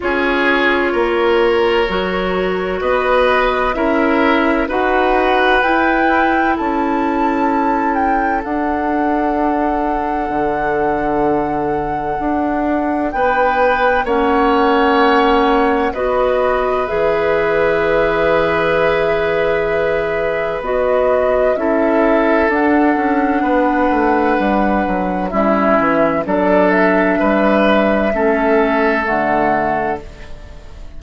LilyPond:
<<
  \new Staff \with { instrumentName = "flute" } { \time 4/4 \tempo 4 = 64 cis''2. dis''4 | e''4 fis''4 g''4 a''4~ | a''8 g''8 fis''2.~ | fis''2 g''4 fis''4~ |
fis''4 dis''4 e''2~ | e''2 dis''4 e''4 | fis''2. e''4 | d''8 e''2~ e''8 fis''4 | }
  \new Staff \with { instrumentName = "oboe" } { \time 4/4 gis'4 ais'2 b'4 | ais'4 b'2 a'4~ | a'1~ | a'2 b'4 cis''4~ |
cis''4 b'2.~ | b'2. a'4~ | a'4 b'2 e'4 | a'4 b'4 a'2 | }
  \new Staff \with { instrumentName = "clarinet" } { \time 4/4 f'2 fis'2 | e'4 fis'4 e'2~ | e'4 d'2.~ | d'2. cis'4~ |
cis'4 fis'4 gis'2~ | gis'2 fis'4 e'4 | d'2. cis'4 | d'2 cis'4 a4 | }
  \new Staff \with { instrumentName = "bassoon" } { \time 4/4 cis'4 ais4 fis4 b4 | cis'4 dis'4 e'4 cis'4~ | cis'4 d'2 d4~ | d4 d'4 b4 ais4~ |
ais4 b4 e2~ | e2 b4 cis'4 | d'8 cis'8 b8 a8 g8 fis8 g8 e8 | fis4 g4 a4 d4 | }
>>